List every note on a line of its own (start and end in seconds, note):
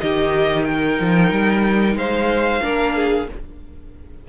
0.00 1.00 D#3
0.00 2.61 D#4
0.00 0.68 G4
0.00 0.64 D#5
0.64 1.97 A#4
0.64 1.95 G5
1.00 1.31 F3
1.31 1.95 G3
1.95 2.60 G#3
1.95 2.62 C5
1.95 3.28 F5
2.61 3.29 A#3
2.61 3.26 D4
2.61 2.95 A#4
2.95 3.28 G#4